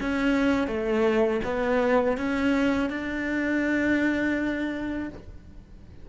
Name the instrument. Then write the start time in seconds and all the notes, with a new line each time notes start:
cello
0.00 C#4
0.68 A3
1.44 B3
2.18 C#4
2.90 D4